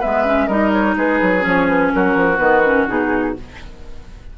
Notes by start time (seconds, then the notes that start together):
0.00 G#3 B3 B4 E5
0.25 C#4
0.47 G3 D#4 A#4 D#5
0.72 C#5
0.96 G#3 G#4 B4
1.21 F#3
1.40 F3 C#4 C#5
1.68 B4
1.93 F#3 F#4 A#4
2.15 F3
2.37 D#3 B3 B4
2.65 C#4
2.87 B2 D#4 G#4